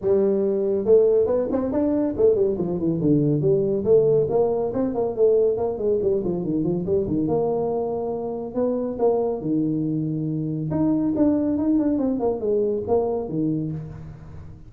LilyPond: \new Staff \with { instrumentName = "tuba" } { \time 4/4 \tempo 4 = 140 g2 a4 b8 c'8 | d'4 a8 g8 f8 e8 d4 | g4 a4 ais4 c'8 ais8 | a4 ais8 gis8 g8 f8 dis8 f8 |
g8 dis8 ais2. | b4 ais4 dis2~ | dis4 dis'4 d'4 dis'8 d'8 | c'8 ais8 gis4 ais4 dis4 | }